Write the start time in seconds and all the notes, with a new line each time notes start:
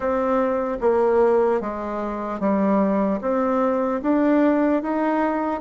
0.00 C4
0.80 A#3
1.60 G#3
2.40 G3
3.21 C4
4.02 D4
4.82 D#4